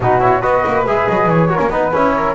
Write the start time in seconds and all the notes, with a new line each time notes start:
0.00 B2 D#4 F#4 B4
0.20 E4 C#5
0.41 B3 F#4 B4 D#5
0.66 A#3
0.85 G#3 G#4 E5
1.08 F#3 D#5
1.26 E3 C#5
1.48 F#4 A#4
1.58 A#3 C#4
1.70 B3 D#4 B4
1.92 C#4 E4 C#5
2.16 A#4